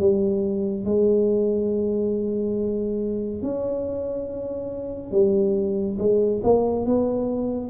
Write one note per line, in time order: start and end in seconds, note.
0.00 0.86 G3
0.86 3.43 G#3
3.43 5.12 C#4
5.12 5.98 G3
5.99 6.42 G#3
6.44 6.86 A#3
6.86 7.71 B3